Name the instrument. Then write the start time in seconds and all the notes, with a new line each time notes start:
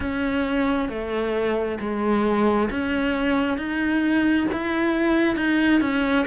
cello
0.00 C#4
0.88 A3
1.80 G#3
2.70 C#4
3.57 D#4
4.52 E4
5.35 D#4
5.80 C#4